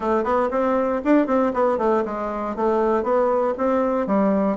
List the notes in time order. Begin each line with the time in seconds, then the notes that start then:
0.00 A3
0.23 B3
0.50 C4
1.04 D4
1.26 C4
1.53 B3
1.78 A3
2.05 G#3
2.55 A3
3.03 B3
3.57 C4
4.07 G3